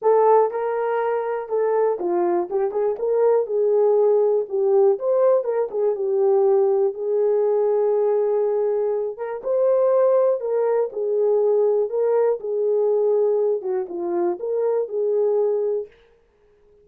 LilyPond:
\new Staff \with { instrumentName = "horn" } { \time 4/4 \tempo 4 = 121 a'4 ais'2 a'4 | f'4 g'8 gis'8 ais'4 gis'4~ | gis'4 g'4 c''4 ais'8 gis'8 | g'2 gis'2~ |
gis'2~ gis'8 ais'8 c''4~ | c''4 ais'4 gis'2 | ais'4 gis'2~ gis'8 fis'8 | f'4 ais'4 gis'2 | }